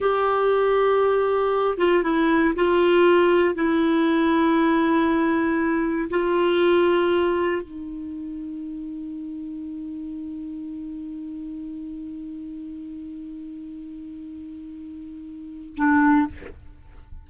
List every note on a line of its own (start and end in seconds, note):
0.00 1.78 G4
1.78 2.03 F4
2.03 2.54 E4
2.55 3.55 F4
3.55 6.09 E4
6.09 7.62 F4
7.62 15.75 D#4
15.76 16.27 D4